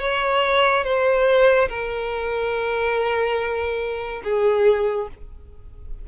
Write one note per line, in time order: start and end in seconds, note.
0.00 0.85 C#5
0.85 1.69 C5
1.69 4.23 A#4
4.24 5.09 G#4